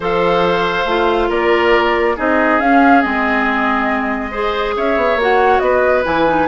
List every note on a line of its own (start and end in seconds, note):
0.00 0.85 F3
0.00 0.87 A4
0.00 1.29 C5
0.00 1.31 F5
0.85 1.28 A3
0.85 2.17 F4
1.29 2.16 A#3
1.29 2.15 A#4
1.29 2.17 D5
2.16 2.60 C4
2.16 2.60 D#4
2.16 4.31 G#4
2.16 2.60 D#5
2.60 3.02 C#4
2.60 3.03 C#4
2.60 3.01 F5
3.01 4.76 G#3
3.01 4.32 C4
3.01 4.74 D#5
4.31 5.18 G#4
4.31 4.74 C5
4.76 4.96 C#4
4.76 5.62 C#5
4.76 5.20 E5
4.96 5.16 B3
5.16 5.59 A#3
5.16 6.03 F#4
5.22 5.59 F#5
5.59 6.03 B3
5.59 6.47 B4
5.59 6.02 D#5
6.03 6.47 E3
6.03 6.25 E4
6.03 6.47 G#5
6.26 6.47 D#4